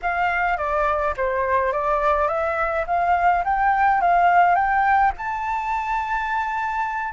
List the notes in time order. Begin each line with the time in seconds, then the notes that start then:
0.02 F5
0.57 D5
1.17 C5
1.72 D5
2.28 E5
2.86 F5
3.44 G5
4.01 F5
4.55 G5
5.17 A5